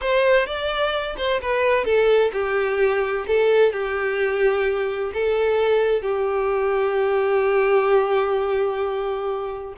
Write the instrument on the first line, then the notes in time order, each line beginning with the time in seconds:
violin
0.01 C5
0.46 D5
1.17 C5
1.41 B4
1.84 A4
2.32 G4
3.27 A4
3.72 G4
5.13 A4
6.01 G4